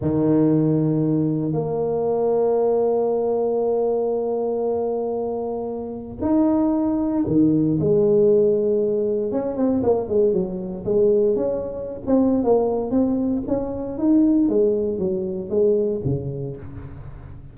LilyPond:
\new Staff \with { instrumentName = "tuba" } { \time 4/4 \tempo 4 = 116 dis2. ais4~ | ais1~ | ais1 | dis'2 dis4 gis4~ |
gis2 cis'8 c'8 ais8 gis8 | fis4 gis4 cis'4~ cis'16 c'8. | ais4 c'4 cis'4 dis'4 | gis4 fis4 gis4 cis4 | }